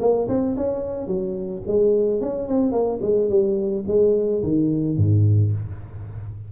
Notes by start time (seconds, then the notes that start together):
0.00 A#3
0.28 C4
0.56 C#4
1.07 F#3
1.67 G#3
2.20 C#4
2.47 C4
2.71 A#3
3.02 G#3
3.29 G3
3.87 G#3
4.43 D#3
4.96 G#2